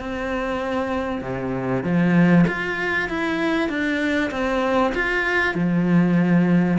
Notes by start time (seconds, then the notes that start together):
0.00 C4
1.22 C3
1.84 F3
2.48 F4
3.10 E4
3.69 D4
4.31 C4
4.95 F4
5.55 F3